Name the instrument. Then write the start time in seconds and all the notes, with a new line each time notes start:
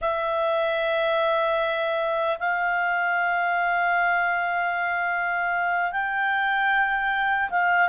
clarinet
0.01 E5
2.39 F5
5.91 G5
7.50 F5